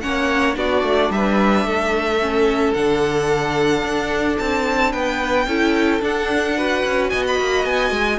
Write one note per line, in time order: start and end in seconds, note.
0.00 0.56 A#3
0.00 0.53 C#4
0.00 0.57 C#5
0.00 0.55 F#5
0.53 0.82 B3
0.53 2.17 D4
0.53 1.12 F#4
0.53 1.11 D5
0.82 1.09 A3
1.09 1.63 G3
1.09 1.66 B4
1.09 2.73 E5
1.63 2.72 A3
1.63 4.91 A4
2.21 2.75 C#4
2.73 3.83 D3
2.73 5.48 D4
2.73 4.37 F#5
3.83 4.37 D4
4.38 4.94 C4
4.38 4.92 A5
4.91 5.46 B3
4.91 5.46 B4
4.91 6.01 G5
5.46 6.01 C#4
5.46 6.01 E4
5.46 6.57 A4
6.01 6.56 D4
6.01 6.83 D4
6.01 7.09 F#5
6.57 8.19 F#4
6.57 7.10 B4
6.85 7.12 C#4
7.09 7.39 B3
7.09 8.19 D#5
7.09 7.23 G#5
7.27 7.65 B5
7.39 7.64 A#3
7.64 7.91 B3
7.64 8.19 G#5
7.91 8.18 G#3